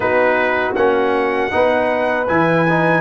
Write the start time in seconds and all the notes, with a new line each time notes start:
0.00 B3 D#4 F#4 B4
0.75 A#3 C#4 F#5
1.51 B3 D#4 B4
2.27 E3 E4 G#5
2.69 D#4